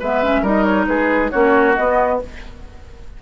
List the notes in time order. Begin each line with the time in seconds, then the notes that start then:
0.00 G#3 B3 B4 E5
0.23 C#4
0.42 G3 D#4 A#4 D#5
0.64 C#5
0.87 G#3 G#4 B4
1.30 A#3 C#4 F#4 C#5
1.76 B3 D#5